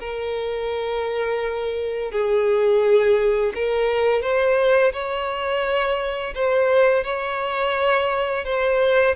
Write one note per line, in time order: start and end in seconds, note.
0.00 2.12 A#4
2.12 3.53 G#4
3.55 4.22 A#4
4.22 4.93 C5
4.93 6.34 C#5
6.35 7.04 C5
7.04 8.45 C#5
8.45 9.15 C5